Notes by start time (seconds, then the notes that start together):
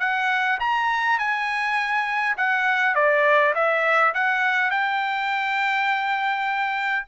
0.00 F#5
0.60 A#5
1.18 G#5
2.37 F#5
2.95 D5
3.55 E5
4.14 F#5
4.71 G5